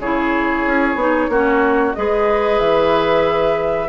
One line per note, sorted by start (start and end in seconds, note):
0.00 0.65 C#3
0.00 0.99 E4
0.00 1.31 G#4
0.00 1.94 C#5
0.67 0.96 C#4
0.96 1.28 B3
0.96 1.31 D#4
1.29 1.94 A#3
1.29 1.95 C#4
1.29 1.96 F#4
1.94 2.60 G#3
1.94 3.89 G#4
1.94 3.89 B4
1.94 2.59 D#5
2.60 3.89 E3
2.60 3.89 E5